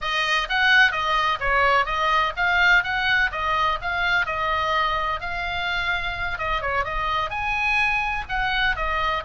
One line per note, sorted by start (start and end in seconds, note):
0.01 0.48 D#5
0.49 0.91 F#5
0.91 1.39 D#5
1.39 1.85 C#5
1.85 2.32 D#5
2.36 2.83 F5
2.83 3.30 F#5
3.31 3.79 D#5
3.81 4.26 F5
4.26 5.20 D#5
5.20 6.38 F5
6.38 6.61 D#5
6.61 6.84 C#5
6.84 7.29 D#5
7.29 8.24 G#5
8.28 8.76 F#5
8.76 9.23 D#5